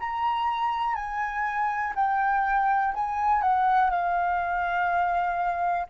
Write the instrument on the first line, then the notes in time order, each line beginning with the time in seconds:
flute
0.00 A#5
0.95 G#5
1.96 G5
2.95 G#5
3.42 F#5
3.90 F5